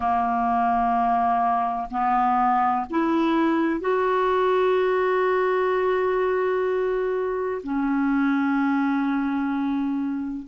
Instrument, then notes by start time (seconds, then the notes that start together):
clarinet
0.00 A#3
1.90 B3
2.90 E4
3.80 F#4
7.63 C#4